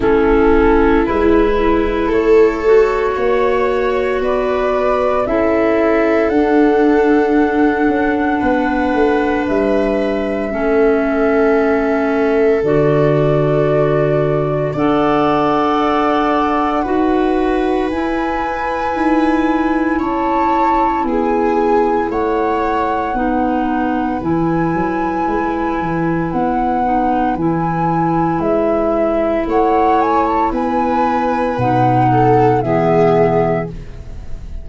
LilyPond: <<
  \new Staff \with { instrumentName = "flute" } { \time 4/4 \tempo 4 = 57 a'4 b'4 cis''2 | d''4 e''4 fis''2~ | fis''4 e''2. | d''2 fis''2~ |
fis''4 gis''2 a''4 | gis''4 fis''2 gis''4~ | gis''4 fis''4 gis''4 e''4 | fis''8 gis''16 a''16 gis''4 fis''4 e''4 | }
  \new Staff \with { instrumentName = "viola" } { \time 4/4 e'2 a'4 cis''4 | b'4 a'2. | b'2 a'2~ | a'2 d''2 |
b'2. cis''4 | gis'4 cis''4 b'2~ | b'1 | cis''4 b'4. a'8 gis'4 | }
  \new Staff \with { instrumentName = "clarinet" } { \time 4/4 cis'4 e'4. fis'4.~ | fis'4 e'4 d'2~ | d'2 cis'2 | fis'2 a'2 |
fis'4 e'2.~ | e'2 dis'4 e'4~ | e'4. dis'8 e'2~ | e'2 dis'4 b4 | }
  \new Staff \with { instrumentName = "tuba" } { \time 4/4 a4 gis4 a4 ais4 | b4 cis'4 d'4. cis'8 | b8 a8 g4 a2 | d2 d'2 |
dis'4 e'4 dis'4 cis'4 | b4 a4 b4 e8 fis8 | gis8 e8 b4 e4 gis4 | a4 b4 b,4 e4 | }
>>